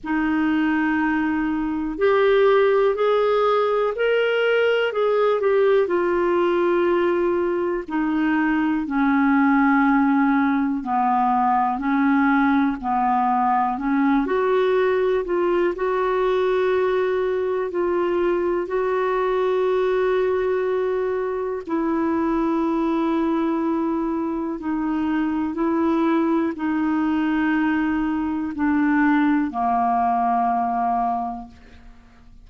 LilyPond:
\new Staff \with { instrumentName = "clarinet" } { \time 4/4 \tempo 4 = 61 dis'2 g'4 gis'4 | ais'4 gis'8 g'8 f'2 | dis'4 cis'2 b4 | cis'4 b4 cis'8 fis'4 f'8 |
fis'2 f'4 fis'4~ | fis'2 e'2~ | e'4 dis'4 e'4 dis'4~ | dis'4 d'4 ais2 | }